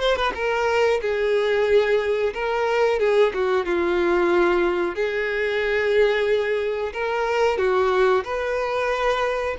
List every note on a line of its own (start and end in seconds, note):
0.00 0.16 C5
0.17 0.33 B4
0.35 1.01 A#4
1.02 2.34 G#4
2.34 3.00 A#4
3.00 3.33 G#4
3.34 3.66 F#4
3.66 4.95 F4
4.95 6.93 G#4
6.93 7.58 A#4
7.58 8.24 F#4
8.25 9.57 B4